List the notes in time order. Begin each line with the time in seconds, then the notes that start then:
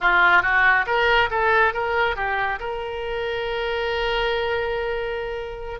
0.00 F4
0.42 F#4
0.86 A#4
1.30 A4
1.73 A#4
2.16 G4
2.59 A#4